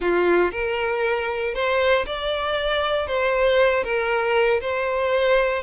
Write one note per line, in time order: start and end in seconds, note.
0.00 0.51 F4
0.51 1.54 A#4
1.54 2.05 C5
2.06 3.07 D5
3.07 3.83 C5
3.83 4.60 A#4
4.61 5.62 C5